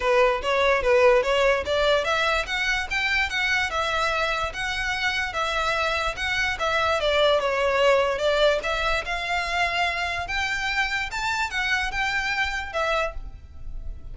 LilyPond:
\new Staff \with { instrumentName = "violin" } { \time 4/4 \tempo 4 = 146 b'4 cis''4 b'4 cis''4 | d''4 e''4 fis''4 g''4 | fis''4 e''2 fis''4~ | fis''4 e''2 fis''4 |
e''4 d''4 cis''2 | d''4 e''4 f''2~ | f''4 g''2 a''4 | fis''4 g''2 e''4 | }